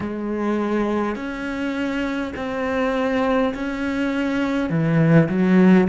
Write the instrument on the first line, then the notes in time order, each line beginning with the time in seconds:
cello
0.00 G#3
1.15 C#4
2.36 C4
3.54 C#4
4.69 E3
5.28 F#3